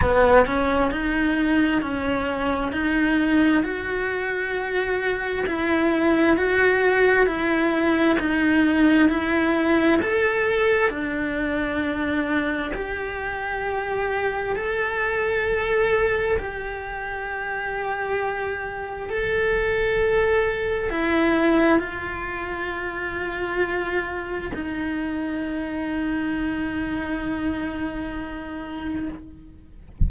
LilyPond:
\new Staff \with { instrumentName = "cello" } { \time 4/4 \tempo 4 = 66 b8 cis'8 dis'4 cis'4 dis'4 | fis'2 e'4 fis'4 | e'4 dis'4 e'4 a'4 | d'2 g'2 |
a'2 g'2~ | g'4 a'2 e'4 | f'2. dis'4~ | dis'1 | }